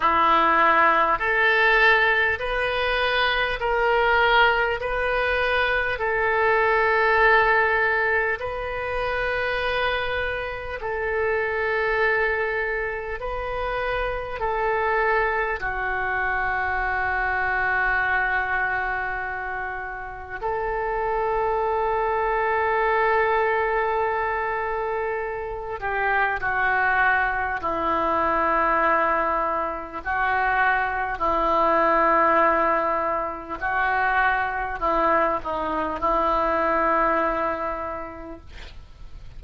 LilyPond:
\new Staff \with { instrumentName = "oboe" } { \time 4/4 \tempo 4 = 50 e'4 a'4 b'4 ais'4 | b'4 a'2 b'4~ | b'4 a'2 b'4 | a'4 fis'2.~ |
fis'4 a'2.~ | a'4. g'8 fis'4 e'4~ | e'4 fis'4 e'2 | fis'4 e'8 dis'8 e'2 | }